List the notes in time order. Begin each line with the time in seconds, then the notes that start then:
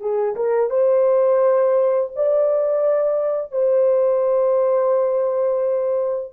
0.00 G#4
0.36 A#4
0.70 C5
2.16 D5
3.52 C5